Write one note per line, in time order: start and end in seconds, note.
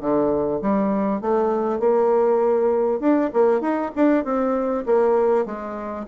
0.00 0.61 D3
0.61 1.21 G3
1.21 1.80 A3
1.80 3.00 A#3
3.00 3.30 D4
3.33 3.61 A#3
3.61 3.91 D#4
3.95 4.24 D4
4.24 4.85 C4
4.86 5.45 A#3
5.45 6.06 G#3